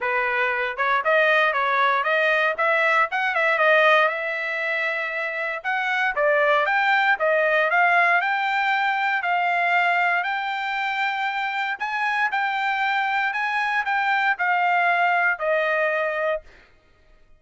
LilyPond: \new Staff \with { instrumentName = "trumpet" } { \time 4/4 \tempo 4 = 117 b'4. cis''8 dis''4 cis''4 | dis''4 e''4 fis''8 e''8 dis''4 | e''2. fis''4 | d''4 g''4 dis''4 f''4 |
g''2 f''2 | g''2. gis''4 | g''2 gis''4 g''4 | f''2 dis''2 | }